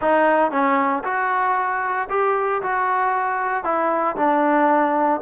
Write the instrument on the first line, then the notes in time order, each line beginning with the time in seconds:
trombone
0.01 D#4
0.51 C#4
1.04 F#4
2.09 G4
2.62 F#4
3.64 E4
4.16 D4